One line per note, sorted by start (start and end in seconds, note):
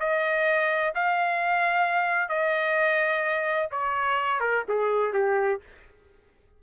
0.00 0.94 D#5
0.95 2.29 F5
2.29 3.70 D#5
3.72 4.41 C#5
4.41 4.64 A#4
4.69 5.14 G#4
5.14 5.61 G4